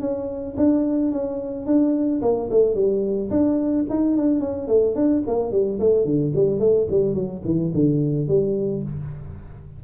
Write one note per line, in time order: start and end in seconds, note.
0.00 0.55 C#4
0.57 1.12 D4
1.12 1.66 C#4
1.66 2.21 D4
2.21 2.49 A#3
2.50 2.75 A3
2.75 3.30 G3
3.30 3.85 D4
3.89 4.17 D#4
4.17 4.40 D4
4.40 4.67 C#4
4.67 4.95 A3
4.95 5.22 D4
5.27 5.51 A#3
5.51 5.79 G3
5.79 6.05 A3
6.05 6.32 D3
6.35 6.60 G3
6.60 6.87 A3
6.90 7.14 G3
7.14 7.42 F#3
7.45 7.72 E3
7.74 8.28 D3
8.28 8.83 G3